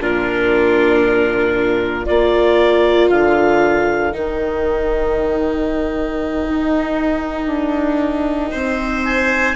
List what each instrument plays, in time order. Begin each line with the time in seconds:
0.00 bassoon A#2, viola D4, violin F4, clarinet A#4
2.05 bassoon A#3, viola F4, violin A#4, clarinet D5
3.09 bassoon D3, clarinet F5
4.11 bassoon D#3, viola D#4, clarinet G5
6.48 bassoon D#4
7.46 bassoon D4
8.51 bassoon C4, violin C5
9.05 clarinet G#5